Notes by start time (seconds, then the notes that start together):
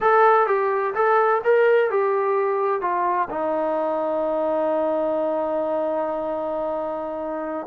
0.00 A4
0.47 G4
0.94 A4
1.44 A#4
1.90 G4
2.81 F4
3.30 D#4